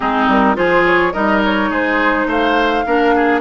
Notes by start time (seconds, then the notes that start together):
0.00 G#3 C4 D#4 G#4
0.27 G3 A#4
0.55 F3 F4 G#4 C5
0.85 C#5
1.13 G3 D#4 A#4 D#5
1.44 C#5
1.70 G#3 G#4 C5
2.25 A3 C5 F5
2.85 A#3 D4 A#4
3.15 G#4